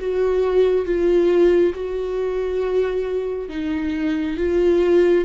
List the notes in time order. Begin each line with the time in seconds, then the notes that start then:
0.00 F#4
0.85 F4
1.74 F#4
3.49 D#4
4.37 F4